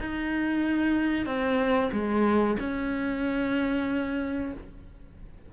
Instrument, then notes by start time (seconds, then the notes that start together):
cello
0.00 D#4
1.26 C4
1.93 G#3
2.60 C#4